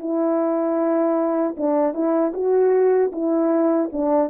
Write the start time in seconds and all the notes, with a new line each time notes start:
0.00 E4
1.57 D4
1.94 E4
2.34 F#4
3.13 E4
3.92 D4